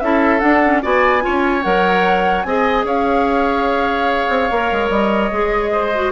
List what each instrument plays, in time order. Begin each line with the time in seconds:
0.00 bassoon C#4, clarinet E4, oboe A4, flute E5
0.40 clarinet D4, bassoon D4, flute F#5
0.64 clarinet C#4
0.82 bassoon B3, clarinet F#4, oboe D5, flute G#5
1.21 clarinet F4, oboe C#5
1.27 bassoon C#4
1.62 bassoon F#3, clarinet A#4, flute F#5
2.43 bassoon C4, clarinet G#4, oboe D#5, flute G#5
2.85 bassoon C#4, oboe C#5, flute F5
4.29 bassoon C4
4.51 bassoon A#3, clarinet A#4
4.72 bassoon G#3
4.89 bassoon G3, flute D#5
5.32 bassoon G#3, clarinet G#4
5.72 oboe C5
5.94 clarinet F#4